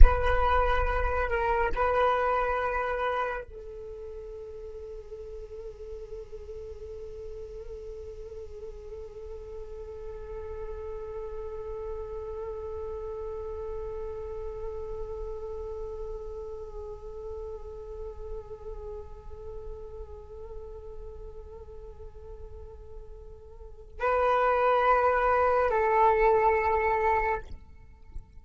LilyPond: \new Staff \with { instrumentName = "flute" } { \time 4/4 \tempo 4 = 70 b'4. ais'8 b'2 | a'1~ | a'1~ | a'1~ |
a'1~ | a'1~ | a'1 | b'2 a'2 | }